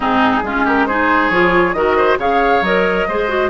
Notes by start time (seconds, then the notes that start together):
0.00 G#2 C4 D#4 G#4
0.42 G#3 C#4 F4
0.64 G4 A#4
0.86 D#4 G#4 C5
1.29 F3 F4 C#5
1.73 D#3 F#4 A#4 D#5
1.96 C5
2.17 C#3 G#4 C#5 F5
2.61 F#3 A#4 D#5
3.07 G#3 G#4 C5
3.28 F#4